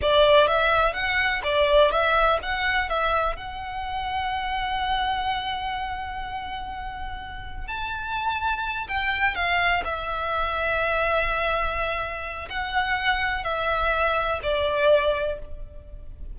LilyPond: \new Staff \with { instrumentName = "violin" } { \time 4/4 \tempo 4 = 125 d''4 e''4 fis''4 d''4 | e''4 fis''4 e''4 fis''4~ | fis''1~ | fis''1 |
a''2~ a''8 g''4 f''8~ | f''8 e''2.~ e''8~ | e''2 fis''2 | e''2 d''2 | }